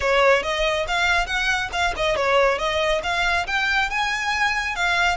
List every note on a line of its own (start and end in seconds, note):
0.00 0.42 C#5
0.42 0.86 D#5
0.87 1.26 F5
1.26 1.69 F#5
1.72 1.93 F5
1.96 2.16 D#5
2.16 2.58 C#5
2.58 3.01 D#5
3.03 3.46 F5
3.46 3.90 G5
3.90 4.75 G#5
4.75 5.16 F5